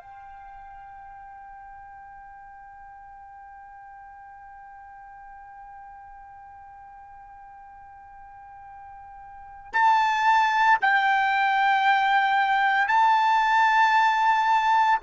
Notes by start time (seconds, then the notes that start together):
0.00 G5
9.73 A5
10.81 G5
12.88 A5